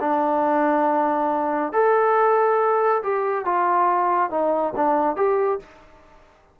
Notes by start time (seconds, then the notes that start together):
0.00 D4
1.73 A4
3.03 G4
3.45 F4
4.30 D#4
4.76 D4
5.16 G4